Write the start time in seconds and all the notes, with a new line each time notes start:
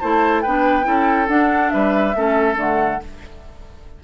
0.00 A3 E4 C5 A5
0.42 B3 D4 B4 G5
0.83 C#4 E4 A4
1.28 D4 F#5
1.69 G3 B4 E5
2.15 A3 C#4 A4
2.55 D3 A3 F#5